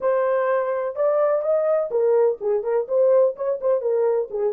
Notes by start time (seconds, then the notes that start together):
0.00 C5
0.95 D5
1.42 D#5
1.90 A#4
2.40 G#4
2.63 A#4
2.88 C5
3.35 C#5
3.60 C5
3.81 A#4
4.30 G#4